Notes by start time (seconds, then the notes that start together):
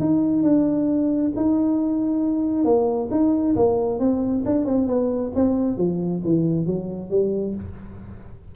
0.00 D#4
0.43 D4
1.37 D#4
2.65 A#3
3.11 D#4
3.56 A#3
3.99 C4
4.45 D4
4.65 C4
4.87 B3
5.35 C4
5.78 F3
6.24 E3
6.66 F#3
7.11 G3